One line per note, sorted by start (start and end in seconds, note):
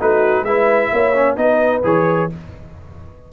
0.00 0.42 A3
0.00 0.46 D#4
0.00 0.45 F#4
0.00 0.44 B4
0.42 0.88 G#3
0.42 1.14 E4
0.42 0.91 B4
0.42 1.36 E5
0.92 1.36 A#3
0.92 1.38 C#5
1.14 1.37 C#4
1.36 1.82 B3
1.36 1.82 D#4
1.36 2.32 B4
1.36 1.82 D#5
1.83 2.30 E3
1.83 2.29 G#4
1.83 2.31 C#5